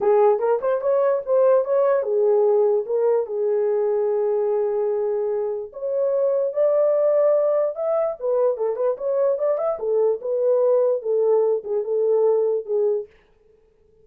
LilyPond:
\new Staff \with { instrumentName = "horn" } { \time 4/4 \tempo 4 = 147 gis'4 ais'8 c''8 cis''4 c''4 | cis''4 gis'2 ais'4 | gis'1~ | gis'2 cis''2 |
d''2. e''4 | b'4 a'8 b'8 cis''4 d''8 e''8 | a'4 b'2 a'4~ | a'8 gis'8 a'2 gis'4 | }